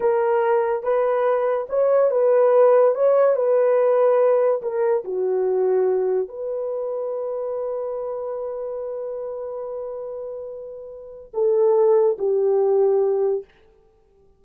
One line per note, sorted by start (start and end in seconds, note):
0.00 0.83 A#4
0.83 1.66 B4
1.69 2.11 C#5
2.11 2.94 B4
2.94 3.35 C#5
3.35 4.61 B4
4.62 5.03 A#4
5.04 6.28 F#4
6.28 11.31 B4
11.33 12.17 A4
12.18 13.44 G4